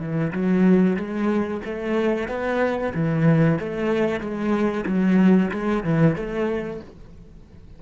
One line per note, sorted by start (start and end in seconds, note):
0.00 0.32 E3
0.33 0.97 F#3
0.97 1.61 G#3
1.65 2.28 A3
2.28 2.93 B3
2.95 3.59 E3
3.59 4.20 A3
4.20 4.85 G#3
4.87 5.51 F#3
5.51 5.84 G#3
5.84 6.16 E3
6.16 6.80 A3